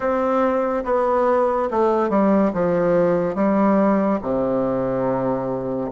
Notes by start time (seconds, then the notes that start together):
0.00 C4
0.84 B3
1.71 A3
2.09 G3
2.53 F3
3.35 G3
4.22 C3